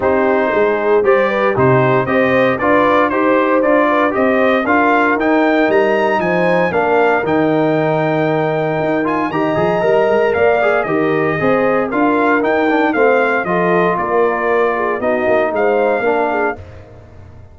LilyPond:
<<
  \new Staff \with { instrumentName = "trumpet" } { \time 4/4 \tempo 4 = 116 c''2 d''4 c''4 | dis''4 d''4 c''4 d''4 | dis''4 f''4 g''4 ais''4 | gis''4 f''4 g''2~ |
g''4. gis''8 ais''2 | f''4 dis''2 f''4 | g''4 f''4 dis''4 d''4~ | d''4 dis''4 f''2 | }
  \new Staff \with { instrumentName = "horn" } { \time 4/4 g'4 gis'4 c''8 b'8 g'4 | c''4 b'4 c''4. b'8 | c''4 ais'2. | c''4 ais'2.~ |
ais'2 dis''2 | d''4 ais'4 c''4 ais'4~ | ais'4 c''4 a'4 ais'4~ | ais'8 gis'8 fis'4 c''4 ais'8 gis'8 | }
  \new Staff \with { instrumentName = "trombone" } { \time 4/4 dis'2 g'4 dis'4 | g'4 f'4 g'4 f'4 | g'4 f'4 dis'2~ | dis'4 d'4 dis'2~ |
dis'4. f'8 g'8 gis'8 ais'4~ | ais'8 gis'8 g'4 gis'4 f'4 | dis'8 d'8 c'4 f'2~ | f'4 dis'2 d'4 | }
  \new Staff \with { instrumentName = "tuba" } { \time 4/4 c'4 gis4 g4 c4 | c'4 d'4 dis'4 d'4 | c'4 d'4 dis'4 g4 | f4 ais4 dis2~ |
dis4 dis'4 dis8 f8 g8 gis8 | ais4 dis4 c'4 d'4 | dis'4 a4 f4 ais4~ | ais4 b8 ais8 gis4 ais4 | }
>>